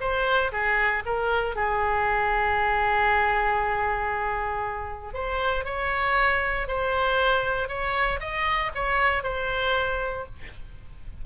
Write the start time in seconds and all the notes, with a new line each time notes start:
0.00 C5
0.52 G#4
1.05 A#4
1.55 G#4
5.14 C5
5.65 C#5
6.67 C5
7.68 C#5
8.20 D#5
8.75 C#5
9.23 C5